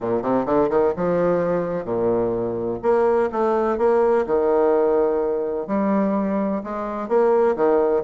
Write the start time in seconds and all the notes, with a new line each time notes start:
0.00 A#2
0.22 C3
0.45 D3
0.69 D#3
0.96 F3
1.84 A#2
2.82 A#3
3.32 A3
3.78 A#3
4.26 D#3
5.67 G3
6.63 G#3
7.08 A#3
7.56 D#3